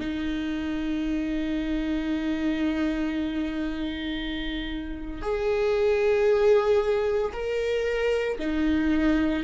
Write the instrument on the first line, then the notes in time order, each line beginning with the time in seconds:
viola
0.00 D#4
5.22 G#4
7.33 A#4
8.39 D#4